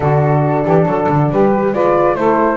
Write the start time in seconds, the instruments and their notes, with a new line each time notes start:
0.00 double bass D3, horn D4, saxophone F#4, flute A4
0.64 double bass E3, saxophone G4
0.85 double bass F#3, saxophone A4
1.08 double bass D3
1.30 double bass G3, saxophone G4, flute B4
1.53 horn G4
1.72 double bass G#3, horn F4, saxophone B4, flute D5
2.15 double bass A3, horn E4, saxophone A4, flute C5